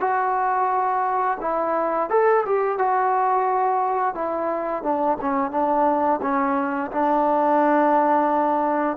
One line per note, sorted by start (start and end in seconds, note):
0.00 1.38 F#4
1.40 2.09 E4
2.10 2.44 A4
2.45 2.78 G4
2.78 4.14 F#4
4.14 4.83 E4
4.83 5.17 D4
5.21 5.51 C#4
5.51 6.20 D4
6.22 6.91 C#4
6.92 8.97 D4